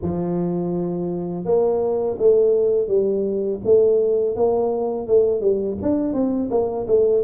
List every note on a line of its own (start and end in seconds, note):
0.02 1.44 F3
1.44 2.17 A#3
2.18 2.87 A3
2.87 3.59 G3
3.64 4.35 A3
4.35 5.07 A#3
5.07 5.40 A3
5.40 5.76 G3
5.82 6.13 D4
6.13 6.49 C4
6.50 6.86 A#3
6.87 7.23 A3